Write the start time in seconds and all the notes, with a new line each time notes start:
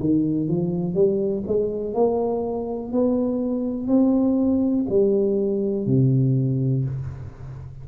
0.00 D#3
0.48 F3
0.95 G3
1.48 G#3
1.94 A#3
2.92 B3
3.88 C4
4.90 G3
5.87 C3